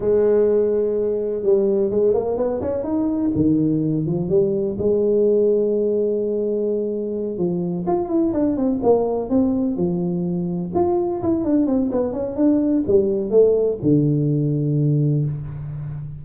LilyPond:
\new Staff \with { instrumentName = "tuba" } { \time 4/4 \tempo 4 = 126 gis2. g4 | gis8 ais8 b8 cis'8 dis'4 dis4~ | dis8 f8 g4 gis2~ | gis2.~ gis8 f8~ |
f8 f'8 e'8 d'8 c'8 ais4 c'8~ | c'8 f2 f'4 e'8 | d'8 c'8 b8 cis'8 d'4 g4 | a4 d2. | }